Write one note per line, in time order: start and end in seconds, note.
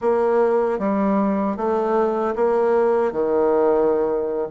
0.01 0.78 A#3
0.78 1.56 G3
1.56 2.34 A3
2.35 3.12 A#3
3.12 4.48 D#3